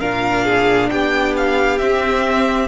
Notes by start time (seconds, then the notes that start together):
0.00 A#2 D4 A#4 F5
0.45 G#4
0.90 B3 G4 G5
1.37 F5
1.79 C4 E5